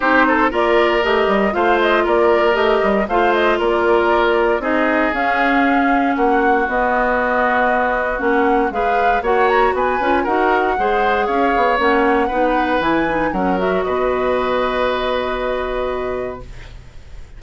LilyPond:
<<
  \new Staff \with { instrumentName = "flute" } { \time 4/4 \tempo 4 = 117 c''4 d''4 dis''4 f''8 dis''8 | d''4 dis''4 f''8 dis''8 d''4~ | d''4 dis''4 f''2 | fis''4 dis''2. |
fis''4 f''4 fis''8 ais''8 gis''4 | fis''2 f''4 fis''4~ | fis''4 gis''4 fis''8 e''8 dis''4~ | dis''1 | }
  \new Staff \with { instrumentName = "oboe" } { \time 4/4 g'8 a'8 ais'2 c''4 | ais'2 c''4 ais'4~ | ais'4 gis'2. | fis'1~ |
fis'4 b'4 cis''4 b'4 | ais'4 c''4 cis''2 | b'2 ais'4 b'4~ | b'1 | }
  \new Staff \with { instrumentName = "clarinet" } { \time 4/4 dis'4 f'4 g'4 f'4~ | f'4 g'4 f'2~ | f'4 dis'4 cis'2~ | cis'4 b2. |
cis'4 gis'4 fis'4. f'8 | fis'4 gis'2 cis'4 | dis'4 e'8 dis'8 cis'8 fis'4.~ | fis'1 | }
  \new Staff \with { instrumentName = "bassoon" } { \time 4/4 c'4 ais4 a8 g8 a4 | ais4 a8 g8 a4 ais4~ | ais4 c'4 cis'2 | ais4 b2. |
ais4 gis4 ais4 b8 cis'8 | dis'4 gis4 cis'8 b8 ais4 | b4 e4 fis4 b,4~ | b,1 | }
>>